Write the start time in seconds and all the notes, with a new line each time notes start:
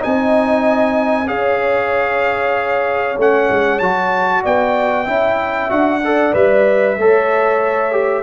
0.00 C4 D#4 D#5 G#5
1.27 C#4 G#4 C#5 F5
3.18 A3 C#4 F#5
3.50 G#3
3.79 F#3 F#4 A5
4.43 B3 D5 G5
5.05 C#4 E4 E5
5.70 D4 F#4 F#5
6.04 A4 D5
6.34 G3 B4 E5
6.98 A3 A4 C#5
7.92 G4